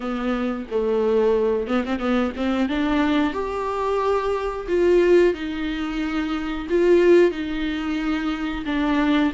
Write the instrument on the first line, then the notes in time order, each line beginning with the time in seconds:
viola
0.00 B3
0.71 A3
1.67 B3
1.85 C4
1.99 B3
2.36 C4
2.68 D4
3.33 G4
4.68 F4
5.33 D#4
6.69 F4
7.31 D#4
8.65 D4